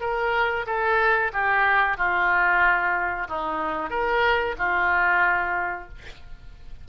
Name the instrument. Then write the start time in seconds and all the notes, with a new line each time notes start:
oboe
0.00 A#4
0.66 A4
1.33 G4
1.97 F4
3.28 D#4
3.90 A#4
4.58 F4